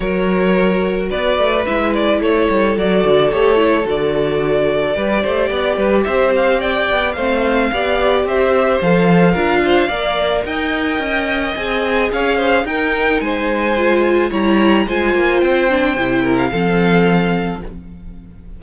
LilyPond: <<
  \new Staff \with { instrumentName = "violin" } { \time 4/4 \tempo 4 = 109 cis''2 d''4 e''8 d''8 | cis''4 d''4 cis''4 d''4~ | d''2. e''8 f''8 | g''4 f''2 e''4 |
f''2. g''4~ | g''4 gis''4 f''4 g''4 | gis''2 ais''4 gis''4 | g''4.~ g''16 f''2~ f''16 | }
  \new Staff \with { instrumentName = "violin" } { \time 4/4 ais'2 b'2 | a'1~ | a'4 b'8 c''8 d''8 b'8 c''4 | d''4 c''4 d''4 c''4~ |
c''4 ais'8 c''8 d''4 dis''4~ | dis''2 cis''8 c''8 ais'4 | c''2 cis''4 c''4~ | c''4. ais'8 a'2 | }
  \new Staff \with { instrumentName = "viola" } { \time 4/4 fis'2. e'4~ | e'4 fis'4 g'8 e'8 fis'4~ | fis'4 g'2.~ | g'4 c'4 g'2 |
a'4 f'4 ais'2~ | ais'4 gis'2 dis'4~ | dis'4 f'4 e'4 f'4~ | f'8 d'8 e'4 c'2 | }
  \new Staff \with { instrumentName = "cello" } { \time 4/4 fis2 b8 a8 gis4 | a8 g8 fis8 d8 a4 d4~ | d4 g8 a8 b8 g8 c'4~ | c'8 b8 a4 b4 c'4 |
f4 d'4 ais4 dis'4 | cis'4 c'4 cis'4 dis'4 | gis2 g4 gis8 ais8 | c'4 c4 f2 | }
>>